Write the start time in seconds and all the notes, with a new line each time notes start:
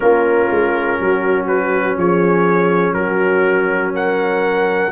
0.00 A#3 C#4 F4 A#4
0.50 G#3
0.99 F#3 F#4
1.47 B4
1.97 F3 G#4 C#5
2.93 F#3 F#4 A#4
3.93 A#4 F#5